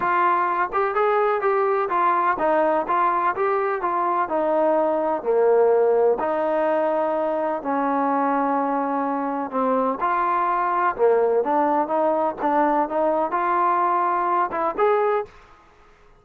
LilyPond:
\new Staff \with { instrumentName = "trombone" } { \time 4/4 \tempo 4 = 126 f'4. g'8 gis'4 g'4 | f'4 dis'4 f'4 g'4 | f'4 dis'2 ais4~ | ais4 dis'2. |
cis'1 | c'4 f'2 ais4 | d'4 dis'4 d'4 dis'4 | f'2~ f'8 e'8 gis'4 | }